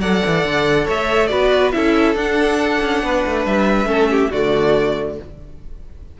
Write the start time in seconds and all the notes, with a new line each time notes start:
0.00 F#3 A4 D5 F#5
0.26 E3
0.44 D3
0.85 A3 C#5 E5
1.27 B3 F#4 B4 D5
1.72 C#4 E4 A4 E5
2.15 D4 F#5
2.81 C#4
3.02 B3 B4
3.26 A3
3.45 G3 E5
3.85 A3 C#4 A4
4.10 G4
4.31 D3 A3 F#4 D5